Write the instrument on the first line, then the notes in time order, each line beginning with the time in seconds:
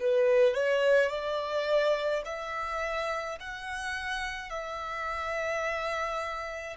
violin
0.00 B4
0.54 C#5
1.10 D5
2.25 E5
3.40 F#5
4.50 E5